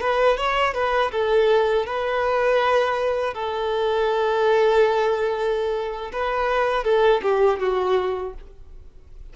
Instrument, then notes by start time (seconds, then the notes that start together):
violin
0.00 B4
0.37 C#5
0.74 B4
1.12 A4
1.86 B4
3.34 A4
6.12 B4
6.84 A4
7.22 G4
7.60 F#4